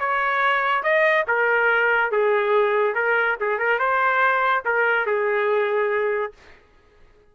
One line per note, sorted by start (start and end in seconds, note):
0.00 0.83 C#5
0.83 1.26 D#5
1.28 2.12 A#4
2.12 2.95 G#4
2.95 3.37 A#4
3.41 3.59 G#4
3.59 3.79 A#4
3.79 4.64 C5
4.66 5.07 A#4
5.07 6.33 G#4